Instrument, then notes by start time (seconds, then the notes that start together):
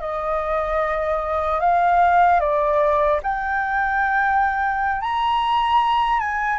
flute
0.00 D#5
1.60 F5
2.40 D5
3.23 G5
5.01 A#5
6.19 G#5